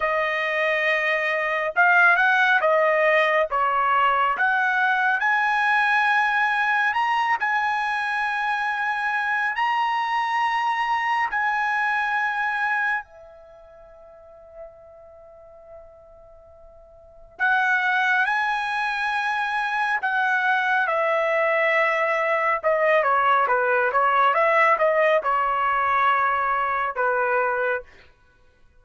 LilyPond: \new Staff \with { instrumentName = "trumpet" } { \time 4/4 \tempo 4 = 69 dis''2 f''8 fis''8 dis''4 | cis''4 fis''4 gis''2 | ais''8 gis''2~ gis''8 ais''4~ | ais''4 gis''2 e''4~ |
e''1 | fis''4 gis''2 fis''4 | e''2 dis''8 cis''8 b'8 cis''8 | e''8 dis''8 cis''2 b'4 | }